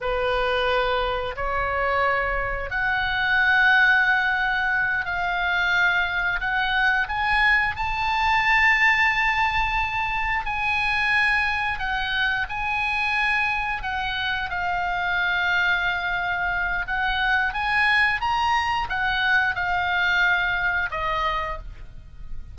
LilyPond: \new Staff \with { instrumentName = "oboe" } { \time 4/4 \tempo 4 = 89 b'2 cis''2 | fis''2.~ fis''8 f''8~ | f''4. fis''4 gis''4 a''8~ | a''2.~ a''8 gis''8~ |
gis''4. fis''4 gis''4.~ | gis''8 fis''4 f''2~ f''8~ | f''4 fis''4 gis''4 ais''4 | fis''4 f''2 dis''4 | }